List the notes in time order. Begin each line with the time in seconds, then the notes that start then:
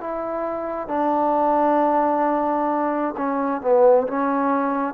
0.00 E4
0.88 D4
3.17 C#4
3.61 B3
4.07 C#4